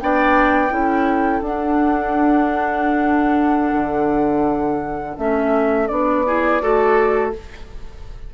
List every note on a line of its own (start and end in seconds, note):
0.00 0.71 B3
0.00 0.70 D4
0.00 0.73 D5
0.00 1.43 G5
0.70 1.42 C#4
0.70 1.42 E4
0.70 6.27 A4
1.42 3.73 D4
1.42 5.19 D4
1.42 5.18 F#5
3.73 5.16 D3
5.19 5.90 A3
5.19 5.89 C#4
5.19 5.88 E5
5.88 6.62 B3
5.88 6.25 D4
5.88 7.31 D5
6.26 6.61 E4
6.26 6.62 G#4
6.61 7.33 A3
6.61 7.33 F#4
6.61 7.34 A4